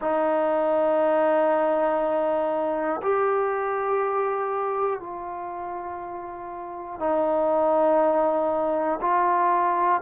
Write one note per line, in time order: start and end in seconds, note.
0.00 3.00 D#4
3.02 5.00 G4
5.00 6.99 F4
6.99 8.99 D#4
9.01 10.01 F4